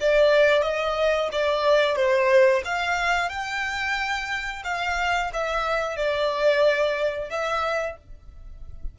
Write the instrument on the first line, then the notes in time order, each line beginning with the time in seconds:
violin
0.00 D5
0.62 D#5
1.32 D5
1.96 C5
2.65 F5
3.29 G5
4.64 F5
5.33 E5
5.96 D5
7.30 E5